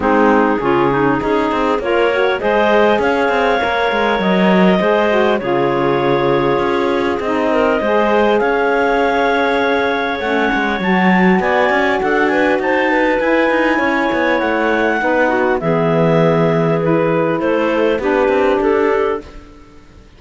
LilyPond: <<
  \new Staff \with { instrumentName = "clarinet" } { \time 4/4 \tempo 4 = 100 gis'2. cis''4 | dis''4 f''2 dis''4~ | dis''4 cis''2. | dis''2 f''2~ |
f''4 fis''4 a''4 gis''4 | fis''8 gis''8 a''4 gis''2 | fis''2 e''2 | b'4 c''4 b'4 a'4 | }
  \new Staff \with { instrumentName = "clarinet" } { \time 4/4 dis'4 f'8 dis'8 gis'4 ais'4 | c''4 cis''2. | c''4 gis'2.~ | gis'8 ais'8 c''4 cis''2~ |
cis''2. d''4 | a'8 b'8 c''8 b'4. cis''4~ | cis''4 b'8 fis'8 gis'2~ | gis'4 a'4 g'2 | }
  \new Staff \with { instrumentName = "saxophone" } { \time 4/4 c'4 cis'4 dis'4 f'8 fis'8 | gis'2 ais'2 | gis'8 fis'8 f'2. | dis'4 gis'2.~ |
gis'4 cis'4 fis'2~ | fis'2 e'2~ | e'4 dis'4 b2 | e'2 d'2 | }
  \new Staff \with { instrumentName = "cello" } { \time 4/4 gis4 cis4 cis'8 c'8 ais4 | gis4 cis'8 c'8 ais8 gis8 fis4 | gis4 cis2 cis'4 | c'4 gis4 cis'2~ |
cis'4 a8 gis8 fis4 b8 cis'8 | d'4 dis'4 e'8 dis'8 cis'8 b8 | a4 b4 e2~ | e4 a4 b8 c'8 d'4 | }
>>